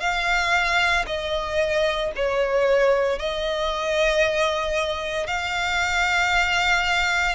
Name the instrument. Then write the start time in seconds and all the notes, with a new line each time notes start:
violin
0.00 F5
1.07 D#5
2.16 C#5
3.19 D#5
5.27 F5